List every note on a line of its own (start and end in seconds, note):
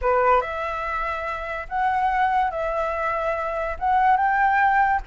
0.01 0.41 B4
0.41 1.67 E5
1.69 2.51 F#5
2.51 3.76 E5
3.79 4.16 F#5
4.16 5.00 G5